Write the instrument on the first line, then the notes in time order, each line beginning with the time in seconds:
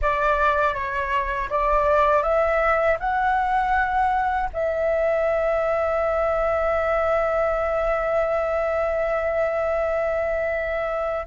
flute
0.01 D5
0.74 C#5
1.49 D5
2.22 E5
2.99 F#5
4.53 E5